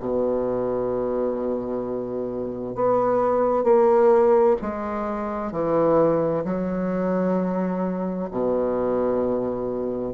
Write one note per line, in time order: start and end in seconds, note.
0.00 2.75 B2
2.75 3.64 B3
3.64 4.56 A#3
4.62 5.52 G#3
5.52 6.44 E3
6.44 8.29 F#3
8.31 10.13 B2